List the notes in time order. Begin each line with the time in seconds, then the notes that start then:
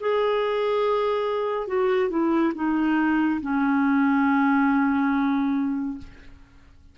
0.00 G#4
1.67 F#4
2.10 E4
2.55 D#4
3.41 C#4